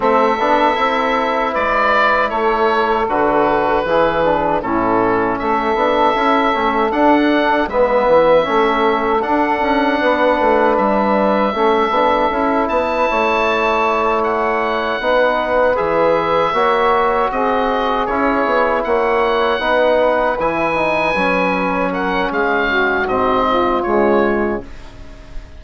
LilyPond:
<<
  \new Staff \with { instrumentName = "oboe" } { \time 4/4 \tempo 4 = 78 e''2 d''4 cis''4 | b'2 a'4 e''4~ | e''4 fis''4 e''2 | fis''2 e''2~ |
e''8 a''2 fis''4.~ | fis''8 e''2 dis''4 cis''8~ | cis''8 fis''2 gis''4.~ | gis''8 fis''8 f''4 dis''4 cis''4 | }
  \new Staff \with { instrumentName = "saxophone" } { \time 4/4 a'2 b'4 a'4~ | a'4 gis'4 e'4 a'4~ | a'2 b'4 a'4~ | a'4 b'2 a'4~ |
a'8 b'8 cis''2~ cis''8 b'8~ | b'4. cis''4 gis'4.~ | gis'8 cis''4 b'2~ b'8~ | b'8 ais'8 gis'8 fis'4 f'4. | }
  \new Staff \with { instrumentName = "trombone" } { \time 4/4 c'8 d'8 e'2. | fis'4 e'8 d'8 cis'4. d'8 | e'8 cis'8 d'4 b4 cis'4 | d'2. cis'8 d'8 |
e'2.~ e'8 dis'8~ | dis'8 gis'4 fis'2 e'8~ | e'4. dis'4 e'8 dis'8 cis'8~ | cis'2 c'4 gis4 | }
  \new Staff \with { instrumentName = "bassoon" } { \time 4/4 a8 b8 c'4 gis4 a4 | d4 e4 a,4 a8 b8 | cis'8 a8 d'4 gis8 e8 a4 | d'8 cis'8 b8 a8 g4 a8 b8 |
cis'8 b8 a2~ a8 b8~ | b8 e4 ais4 c'4 cis'8 | b8 ais4 b4 e4 fis8~ | fis4 gis4 gis,4 cis4 | }
>>